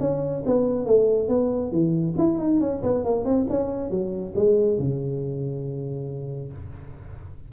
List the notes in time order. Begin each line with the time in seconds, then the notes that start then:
0.00 C#4
0.46 B3
0.86 A3
1.28 B3
1.71 E3
2.18 E4
2.38 D#4
2.60 C#4
2.83 B3
3.04 A#3
3.25 C4
3.49 C#4
3.90 F#3
4.36 G#3
4.78 C#3